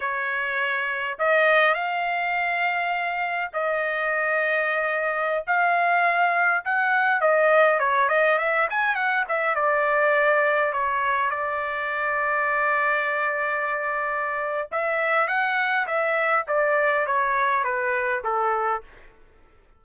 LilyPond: \new Staff \with { instrumentName = "trumpet" } { \time 4/4 \tempo 4 = 102 cis''2 dis''4 f''4~ | f''2 dis''2~ | dis''4~ dis''16 f''2 fis''8.~ | fis''16 dis''4 cis''8 dis''8 e''8 gis''8 fis''8 e''16~ |
e''16 d''2 cis''4 d''8.~ | d''1~ | d''4 e''4 fis''4 e''4 | d''4 cis''4 b'4 a'4 | }